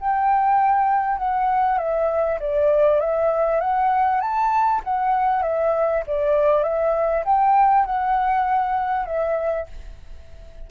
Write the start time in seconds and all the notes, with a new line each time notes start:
0.00 G5
1.18 F#5
1.78 E5
2.40 D5
3.00 E5
3.60 F#5
4.21 A5
4.84 F#5
5.42 E5
6.07 D5
6.63 E5
7.25 G5
7.85 F#5
9.06 E5